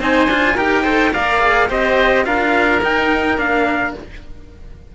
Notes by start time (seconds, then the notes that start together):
0.00 C4 D#4 C5 G#5
0.27 D4 F4
0.56 D#4 G4 A#4 G5
0.83 A4 C5
1.12 A#3 A#4 D5 F5
1.40 G#4
1.68 C4 G4 C5 D#5
2.25 D4 F4 A#4 F5
2.83 D#4 G5
3.38 A#3 D4 F5